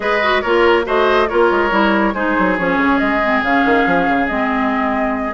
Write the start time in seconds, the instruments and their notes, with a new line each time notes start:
0.00 bassoon G#3, clarinet G#4, oboe B4, flute D#5
0.22 clarinet F#4
0.41 bassoon A#3, clarinet F4, oboe A#4, flute C#5
0.84 bassoon A3, clarinet F#4, oboe C5, flute D#5
1.28 bassoon A#3, clarinet F4, oboe A#4, flute C#5
1.51 bassoon G#3
1.71 bassoon G3, clarinet E4
2.14 bassoon G#3, clarinet D#4, oboe G#4, flute C5
2.38 bassoon F#3
2.58 bassoon F3, clarinet C#4, flute C#5
2.77 bassoon C#3
2.98 bassoon G#3, flute D#5
3.23 clarinet C4
3.42 bassoon C#3, clarinet C#4, flute F5
3.65 bassoon D#3
3.86 bassoon F3
4.09 bassoon C#3
4.27 bassoon G#3, clarinet C4, flute D#5